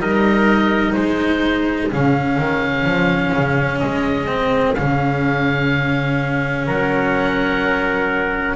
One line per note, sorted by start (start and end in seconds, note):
0.00 0.95 G3
0.00 1.90 D#4
0.00 0.95 A#4
0.00 0.93 D#5
0.93 1.92 G#3
0.93 6.66 G#4
0.93 1.88 C5
1.92 2.38 C#3
1.92 4.27 C#4
1.92 3.79 F5
2.38 2.85 D#3
2.85 3.33 F3
3.34 3.81 C#3
3.79 4.78 G#3
3.79 4.75 D#5
4.27 4.75 C4
4.75 6.68 C#3
4.75 8.56 C#4
4.75 6.65 F5
6.66 8.56 F#3
6.66 8.56 A#4
6.66 8.56 F#5